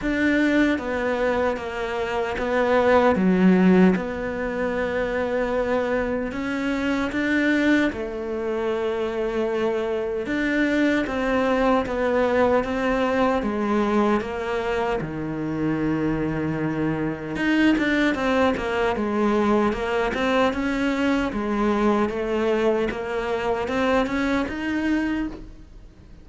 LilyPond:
\new Staff \with { instrumentName = "cello" } { \time 4/4 \tempo 4 = 76 d'4 b4 ais4 b4 | fis4 b2. | cis'4 d'4 a2~ | a4 d'4 c'4 b4 |
c'4 gis4 ais4 dis4~ | dis2 dis'8 d'8 c'8 ais8 | gis4 ais8 c'8 cis'4 gis4 | a4 ais4 c'8 cis'8 dis'4 | }